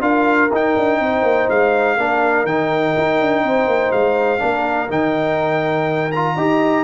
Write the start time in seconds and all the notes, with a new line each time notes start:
0.00 D4 F4 A#4 F5
0.51 D#4 G5
0.76 D4
0.99 C4 C5
1.23 A#3
1.49 G#3 F5
1.97 A#3 D4 A#4
2.44 D#3 D#4 G5
2.97 D#4
3.21 D4
3.43 C4 C5
3.66 A#3
3.92 G#3 F5
4.39 A#3 D4 A#4
4.88 D#3 D#4 G5
6.11 F4 A#5
6.35 D#4 G4 D#5